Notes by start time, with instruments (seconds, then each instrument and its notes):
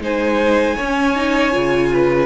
0.00 cello G#3, viola D#4, violin C5 G#5
0.76 viola C#4, cello C#4, violin C#5
1.15 viola D#4
1.52 cello C#3, viola F4
1.93 violin B4